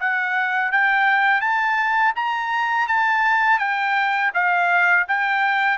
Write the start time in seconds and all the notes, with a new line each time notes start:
0.00 F#5
0.71 G5
1.41 A5
2.16 A#5
2.88 A5
3.59 G5
4.34 F5
5.08 G5